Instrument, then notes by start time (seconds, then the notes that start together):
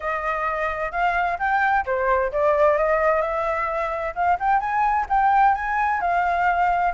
flute
0.00 D#5
0.91 F5
1.38 G5
1.85 C5
2.32 D5
2.77 D#5
3.21 E5
4.15 F5
4.39 G5
4.59 G#5
5.09 G5
5.54 G#5
6.00 F5